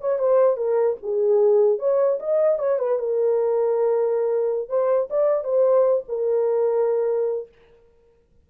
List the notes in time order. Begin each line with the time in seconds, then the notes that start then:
0.00 C#5
0.19 C5
0.56 A#4
1.03 G#4
1.79 C#5
2.19 D#5
2.58 C#5
2.78 B4
2.99 A#4
4.68 C5
5.10 D5
5.44 C5
6.08 A#4